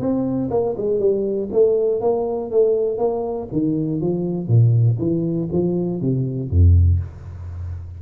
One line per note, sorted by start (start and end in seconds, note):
0.00 0.50 C4
0.51 0.76 A#3
0.78 1.00 G#3
1.00 1.50 G3
1.52 2.01 A3
2.01 2.51 A#3
2.51 2.99 A3
2.99 3.49 A#3
3.52 4.01 D#3
4.01 4.48 F3
4.48 4.98 A#2
5.00 5.50 E3
5.52 6.01 F3
6.01 6.51 C3
6.51 7.01 F2